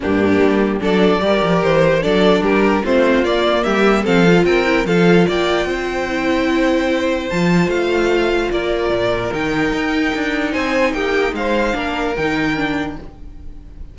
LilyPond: <<
  \new Staff \with { instrumentName = "violin" } { \time 4/4 \tempo 4 = 148 g'2 d''2 | c''4 d''4 ais'4 c''4 | d''4 e''4 f''4 g''4 | f''4 g''2.~ |
g''2 a''4 f''4~ | f''4 d''2 g''4~ | g''2 gis''4 g''4 | f''2 g''2 | }
  \new Staff \with { instrumentName = "violin" } { \time 4/4 d'2 a'4 ais'4~ | ais'4 a'4 g'4 f'4~ | f'4 g'4 a'4 ais'4 | a'4 d''4 c''2~ |
c''1~ | c''4 ais'2.~ | ais'2 c''4 g'4 | c''4 ais'2. | }
  \new Staff \with { instrumentName = "viola" } { \time 4/4 ais2 d'4 g'4~ | g'4 d'2 c'4 | ais2 c'8 f'4 e'8 | f'2. e'4~ |
e'2 f'2~ | f'2. dis'4~ | dis'1~ | dis'4 d'4 dis'4 d'4 | }
  \new Staff \with { instrumentName = "cello" } { \time 4/4 g,4 g4 fis4 g8 f8 | e4 fis4 g4 a4 | ais4 g4 f4 c'4 | f4 ais4 c'2~ |
c'2 f4 a4~ | a4 ais4 ais,4 dis4 | dis'4 d'4 c'4 ais4 | gis4 ais4 dis2 | }
>>